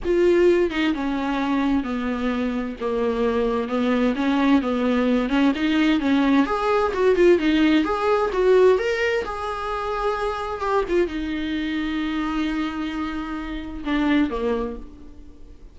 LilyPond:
\new Staff \with { instrumentName = "viola" } { \time 4/4 \tempo 4 = 130 f'4. dis'8 cis'2 | b2 ais2 | b4 cis'4 b4. cis'8 | dis'4 cis'4 gis'4 fis'8 f'8 |
dis'4 gis'4 fis'4 ais'4 | gis'2. g'8 f'8 | dis'1~ | dis'2 d'4 ais4 | }